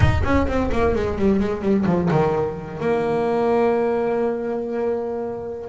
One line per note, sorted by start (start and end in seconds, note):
0.00 0.22 D#4
0.23 0.47 C#4
0.47 0.70 C4
0.72 0.95 A#3
0.95 1.18 G#3
1.18 1.39 G3
1.39 1.61 G#3
1.61 1.85 G3
1.85 2.09 F3
2.11 2.80 D#3
2.80 5.69 A#3